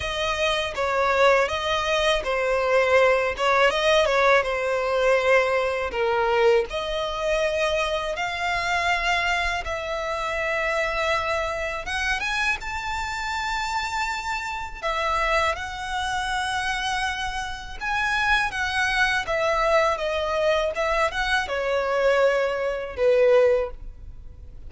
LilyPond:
\new Staff \with { instrumentName = "violin" } { \time 4/4 \tempo 4 = 81 dis''4 cis''4 dis''4 c''4~ | c''8 cis''8 dis''8 cis''8 c''2 | ais'4 dis''2 f''4~ | f''4 e''2. |
fis''8 gis''8 a''2. | e''4 fis''2. | gis''4 fis''4 e''4 dis''4 | e''8 fis''8 cis''2 b'4 | }